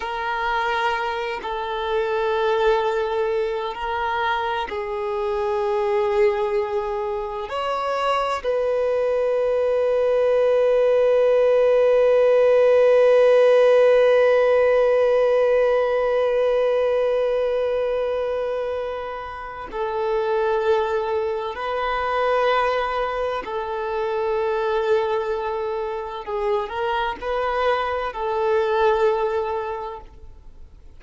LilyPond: \new Staff \with { instrumentName = "violin" } { \time 4/4 \tempo 4 = 64 ais'4. a'2~ a'8 | ais'4 gis'2. | cis''4 b'2.~ | b'1~ |
b'1~ | b'4 a'2 b'4~ | b'4 a'2. | gis'8 ais'8 b'4 a'2 | }